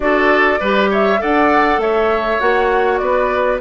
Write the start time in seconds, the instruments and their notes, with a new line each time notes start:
0.00 bassoon D4, clarinet F#4, oboe A4, flute D5
0.60 bassoon G3, clarinet G4, oboe B4
0.90 oboe C#5, flute E5
1.18 bassoon D4, clarinet A4, oboe D5, flute F#5
1.77 bassoon A3, oboe C#5, flute E5
2.39 bassoon A#3, clarinet F#4, flute F#5
2.98 bassoon B3, oboe B4, flute D5